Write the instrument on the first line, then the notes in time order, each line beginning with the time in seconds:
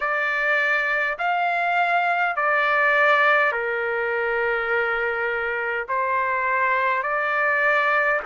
trumpet
0.00 D5
1.18 F5
2.36 D5
3.51 A#4
5.88 C5
7.03 D5